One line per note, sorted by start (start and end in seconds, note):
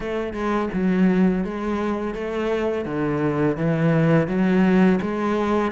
0.00 0.33 A3
0.33 0.69 G#3
0.73 1.44 F#3
1.44 2.14 G#3
2.14 2.85 A3
2.85 3.56 D3
3.56 4.27 E3
4.27 4.99 F#3
5.01 5.71 G#3